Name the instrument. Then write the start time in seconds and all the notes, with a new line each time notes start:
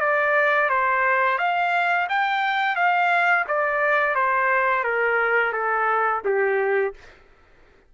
trumpet
0.00 D5
0.69 C5
1.38 F5
2.09 G5
2.76 F5
3.47 D5
4.14 C5
4.84 A#4
5.52 A4
6.24 G4